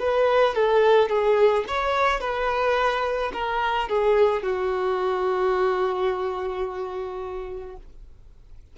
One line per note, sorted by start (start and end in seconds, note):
0.00 0.55 B4
0.55 1.09 A4
1.09 1.65 G#4
1.68 2.21 C#5
2.21 3.32 B4
3.34 3.89 A#4
3.89 4.43 G#4
4.43 7.77 F#4